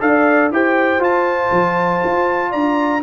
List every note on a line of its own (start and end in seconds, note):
0.00 0.51 D4
0.00 0.50 A4
0.00 0.53 D5
0.00 0.51 F5
0.51 0.99 E4
0.51 0.99 G4
0.51 2.50 C5
0.51 1.03 G5
0.99 1.49 F4
0.99 3.01 F4
0.99 2.52 A5
1.51 2.02 F3
2.04 2.54 F4
2.50 3.03 D4
2.50 3.01 D5
2.50 3.03 A#5